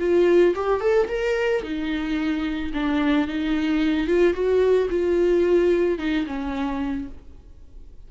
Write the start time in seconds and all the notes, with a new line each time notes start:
0.00 F4
0.56 G4
0.81 A4
1.09 A#4
1.63 D#4
2.74 D4
3.28 D#4
4.08 F4
4.34 F#4
4.91 F4
5.99 D#4
6.27 C#4